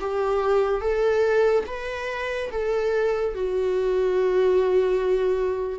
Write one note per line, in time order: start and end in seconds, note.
0.00 0.81 G4
0.81 1.64 A4
1.67 2.50 B4
2.51 3.34 A4
3.34 5.79 F#4